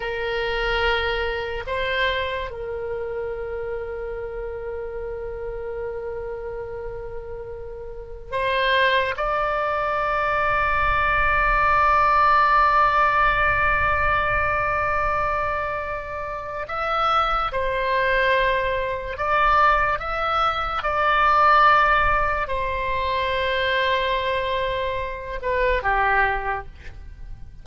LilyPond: \new Staff \with { instrumentName = "oboe" } { \time 4/4 \tempo 4 = 72 ais'2 c''4 ais'4~ | ais'1~ | ais'2 c''4 d''4~ | d''1~ |
d''1 | e''4 c''2 d''4 | e''4 d''2 c''4~ | c''2~ c''8 b'8 g'4 | }